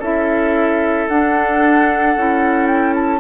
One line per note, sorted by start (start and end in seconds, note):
0.00 1.08 C#4
0.00 1.10 E4
0.00 3.20 A4
0.00 1.09 E5
1.09 2.16 D4
1.09 2.17 D4
1.09 2.67 F#5
2.16 3.20 C#4
2.16 3.20 E4
2.67 2.94 G5
2.95 3.20 A5